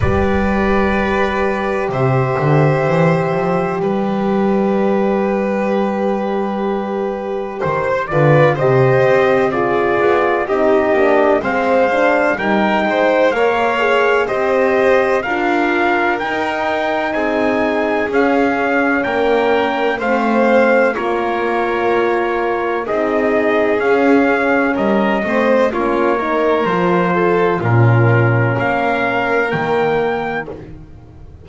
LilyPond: <<
  \new Staff \with { instrumentName = "trumpet" } { \time 4/4 \tempo 4 = 63 d''2 e''2 | d''1 | c''8 d''8 dis''4 d''4 dis''4 | f''4 g''4 f''4 dis''4 |
f''4 g''4 gis''4 f''4 | g''4 f''4 cis''2 | dis''4 f''4 dis''4 cis''4 | c''4 ais'4 f''4 g''4 | }
  \new Staff \with { instrumentName = "violin" } { \time 4/4 b'2 c''2 | b'1 | c''8 b'8 c''4 gis'4 g'4 | c''4 ais'8 c''8 cis''4 c''4 |
ais'2 gis'2 | ais'4 c''4 ais'2 | gis'2 ais'8 c''8 f'8 ais'8~ | ais'8 a'8 f'4 ais'2 | }
  \new Staff \with { instrumentName = "horn" } { \time 4/4 g'1~ | g'1~ | g'8 f'8 g'4 f'4 dis'8 d'8 | c'8 d'8 dis'4 ais'8 gis'8 g'4 |
f'4 dis'2 cis'4~ | cis'4 c'4 f'2 | dis'4 cis'4. c'8 cis'8 dis'8 | f'4 cis'2 ais4 | }
  \new Staff \with { instrumentName = "double bass" } { \time 4/4 g2 c8 d8 e8 f8 | g1 | dis8 d8 c8 c'4 b8 c'8 ais8 | gis4 g8 gis8 ais4 c'4 |
d'4 dis'4 c'4 cis'4 | ais4 a4 ais2 | c'4 cis'4 g8 a8 ais4 | f4 ais,4 ais4 dis4 | }
>>